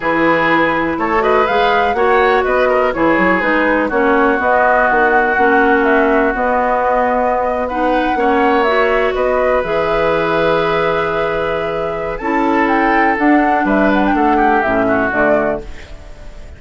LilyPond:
<<
  \new Staff \with { instrumentName = "flute" } { \time 4/4 \tempo 4 = 123 b'2 cis''8 dis''8 f''4 | fis''4 dis''4 cis''4 b'4 | cis''4 dis''4 fis''2 | e''4 dis''2~ dis''8. fis''16~ |
fis''4.~ fis''16 e''4 dis''4 e''16~ | e''1~ | e''4 a''4 g''4 fis''4 | e''8 fis''16 g''16 fis''4 e''4 d''4 | }
  \new Staff \with { instrumentName = "oboe" } { \time 4/4 gis'2 a'8 b'4. | cis''4 b'8 ais'8 gis'2 | fis'1~ | fis'2.~ fis'8. b'16~ |
b'8. cis''2 b'4~ b'16~ | b'1~ | b'4 a'2. | b'4 a'8 g'4 fis'4. | }
  \new Staff \with { instrumentName = "clarinet" } { \time 4/4 e'2~ e'8 fis'8 gis'4 | fis'2 e'4 dis'4 | cis'4 b2 cis'4~ | cis'4 b2~ b8. dis'16~ |
dis'8. cis'4 fis'2 gis'16~ | gis'1~ | gis'4 e'2 d'4~ | d'2 cis'4 a4 | }
  \new Staff \with { instrumentName = "bassoon" } { \time 4/4 e2 a4 gis4 | ais4 b4 e8 fis8 gis4 | ais4 b4 dis4 ais4~ | ais4 b2.~ |
b8. ais2 b4 e16~ | e1~ | e4 cis'2 d'4 | g4 a4 a,4 d4 | }
>>